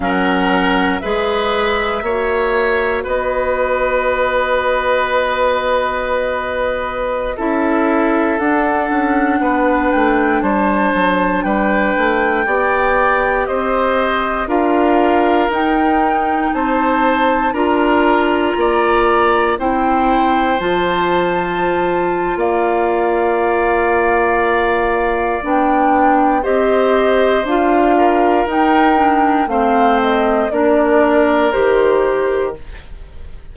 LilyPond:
<<
  \new Staff \with { instrumentName = "flute" } { \time 4/4 \tempo 4 = 59 fis''4 e''2 dis''4~ | dis''2.~ dis''16 e''8.~ | e''16 fis''4. g''8 a''4 g''8.~ | g''4~ g''16 dis''4 f''4 g''8.~ |
g''16 a''4 ais''2 g''8.~ | g''16 a''4.~ a''16 f''2~ | f''4 g''4 dis''4 f''4 | g''4 f''8 dis''8 d''4 c''4 | }
  \new Staff \with { instrumentName = "oboe" } { \time 4/4 ais'4 b'4 cis''4 b'4~ | b'2.~ b'16 a'8.~ | a'4~ a'16 b'4 c''4 b'8.~ | b'16 d''4 c''4 ais'4.~ ais'16~ |
ais'16 c''4 ais'4 d''4 c''8.~ | c''2 d''2~ | d''2 c''4. ais'8~ | ais'4 c''4 ais'2 | }
  \new Staff \with { instrumentName = "clarinet" } { \time 4/4 cis'4 gis'4 fis'2~ | fis'2.~ fis'16 e'8.~ | e'16 d'2.~ d'8.~ | d'16 g'2 f'4 dis'8.~ |
dis'4~ dis'16 f'2 e'8.~ | e'16 f'2.~ f'8.~ | f'4 d'4 g'4 f'4 | dis'8 d'8 c'4 d'4 g'4 | }
  \new Staff \with { instrumentName = "bassoon" } { \time 4/4 fis4 gis4 ais4 b4~ | b2.~ b16 cis'8.~ | cis'16 d'8 cis'8 b8 a8 g8 fis8 g8 a16~ | a16 b4 c'4 d'4 dis'8.~ |
dis'16 c'4 d'4 ais4 c'8.~ | c'16 f4.~ f16 ais2~ | ais4 b4 c'4 d'4 | dis'4 a4 ais4 dis4 | }
>>